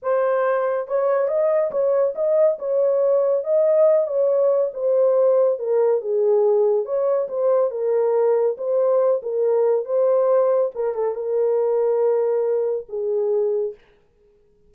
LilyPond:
\new Staff \with { instrumentName = "horn" } { \time 4/4 \tempo 4 = 140 c''2 cis''4 dis''4 | cis''4 dis''4 cis''2 | dis''4. cis''4. c''4~ | c''4 ais'4 gis'2 |
cis''4 c''4 ais'2 | c''4. ais'4. c''4~ | c''4 ais'8 a'8 ais'2~ | ais'2 gis'2 | }